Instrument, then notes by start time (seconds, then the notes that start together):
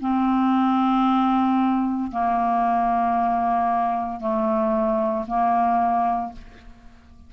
clarinet
0.00 C4
2.11 A#3
4.20 A3
5.27 A#3